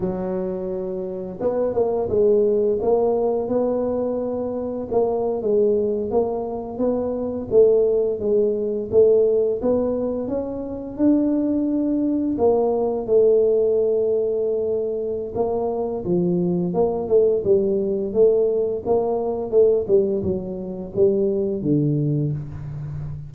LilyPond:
\new Staff \with { instrumentName = "tuba" } { \time 4/4 \tempo 4 = 86 fis2 b8 ais8 gis4 | ais4 b2 ais8. gis16~ | gis8. ais4 b4 a4 gis16~ | gis8. a4 b4 cis'4 d'16~ |
d'4.~ d'16 ais4 a4~ a16~ | a2 ais4 f4 | ais8 a8 g4 a4 ais4 | a8 g8 fis4 g4 d4 | }